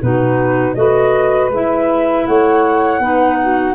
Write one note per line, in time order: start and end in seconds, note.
0.00 0.76 B2
0.00 0.76 D#4
0.00 0.75 F#4
0.00 0.74 B4
0.74 1.49 A3
0.74 1.51 F#4
0.74 2.27 B4
0.74 1.49 D#5
1.49 2.24 G#3
1.49 3.02 E4
1.49 2.26 E5
2.26 2.99 A3
2.26 3.00 C#5
2.26 3.75 F#5
2.99 3.74 B3
2.99 3.75 D#4
2.99 3.38 B4
3.41 3.75 F#4